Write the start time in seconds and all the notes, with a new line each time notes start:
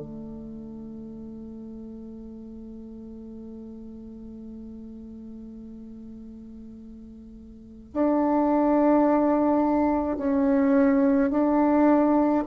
0.00 A3
7.93 D4
10.17 C#4
11.31 D4